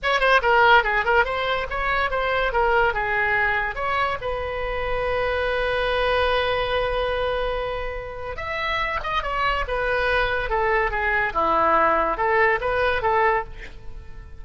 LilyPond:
\new Staff \with { instrumentName = "oboe" } { \time 4/4 \tempo 4 = 143 cis''8 c''8 ais'4 gis'8 ais'8 c''4 | cis''4 c''4 ais'4 gis'4~ | gis'4 cis''4 b'2~ | b'1~ |
b'1 | e''4. dis''8 cis''4 b'4~ | b'4 a'4 gis'4 e'4~ | e'4 a'4 b'4 a'4 | }